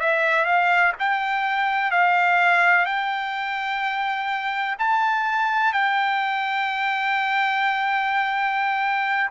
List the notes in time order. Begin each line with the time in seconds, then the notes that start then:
0.00 E5
0.45 F5
1.00 G5
1.91 F5
2.86 G5
4.79 A5
5.73 G5